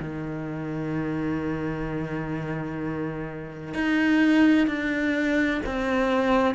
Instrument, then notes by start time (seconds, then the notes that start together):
cello
0.00 D#3
3.74 D#4
4.67 D4
5.66 C4